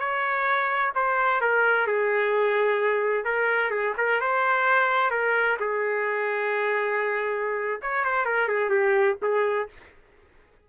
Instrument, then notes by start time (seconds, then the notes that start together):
trumpet
0.00 C#5
0.95 C5
1.41 A#4
1.87 G#4
3.25 A#4
3.71 G#4
3.97 A#4
4.21 C5
5.11 A#4
5.60 G#4
7.82 C#5
8.05 C5
8.26 A#4
8.48 G#4
8.70 G4
9.22 G#4